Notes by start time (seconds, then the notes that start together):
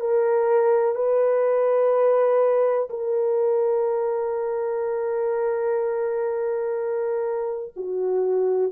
0.00 A#4
0.95 B4
2.89 A#4
7.76 F#4